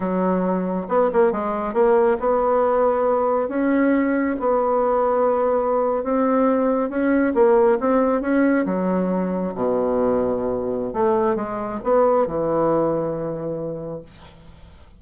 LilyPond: \new Staff \with { instrumentName = "bassoon" } { \time 4/4 \tempo 4 = 137 fis2 b8 ais8 gis4 | ais4 b2. | cis'2 b2~ | b4.~ b16 c'2 cis'16~ |
cis'8. ais4 c'4 cis'4 fis16~ | fis4.~ fis16 b,2~ b,16~ | b,4 a4 gis4 b4 | e1 | }